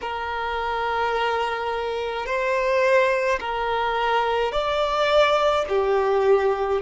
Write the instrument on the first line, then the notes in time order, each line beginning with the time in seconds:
violin
0.01 A#4
2.25 C5
3.40 A#4
4.52 D5
5.69 G4